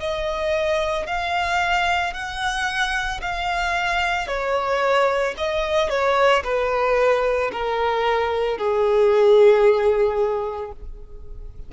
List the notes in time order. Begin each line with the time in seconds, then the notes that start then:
0.00 D#5
1.07 F5
2.14 F#5
3.22 F5
4.28 C#5
5.38 D#5
5.90 C#5
6.44 B4
7.52 A#4
8.58 G#4